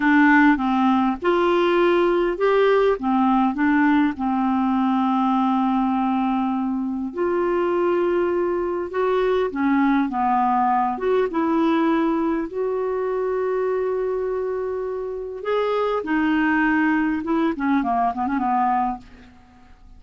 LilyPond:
\new Staff \with { instrumentName = "clarinet" } { \time 4/4 \tempo 4 = 101 d'4 c'4 f'2 | g'4 c'4 d'4 c'4~ | c'1 | f'2. fis'4 |
cis'4 b4. fis'8 e'4~ | e'4 fis'2.~ | fis'2 gis'4 dis'4~ | dis'4 e'8 cis'8 ais8 b16 cis'16 b4 | }